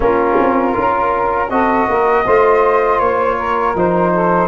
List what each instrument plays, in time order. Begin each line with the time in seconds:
0.00 tuba A#3, trombone C#4, saxophone F4, flute A#4
0.39 tuba C4
0.73 tuba C#4, trombone F4, saxophone A#4
1.49 tuba C4, trombone F#4, saxophone A4, flute D#5
1.88 tuba A#3, saxophone A#4
2.25 tuba A3, trombone F4, saxophone C5
2.99 tuba A#3, flute C#5
3.37 saxophone A#4
3.75 tuba F3, trombone D#4, flute C5
4.12 saxophone A4